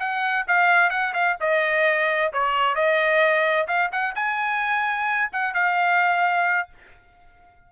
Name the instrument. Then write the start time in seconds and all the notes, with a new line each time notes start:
trumpet
0.00 F#5
0.48 F5
0.91 F#5
1.14 F5
1.41 D#5
2.33 C#5
2.76 D#5
3.68 F5
3.92 F#5
4.16 G#5
5.33 F#5
5.54 F5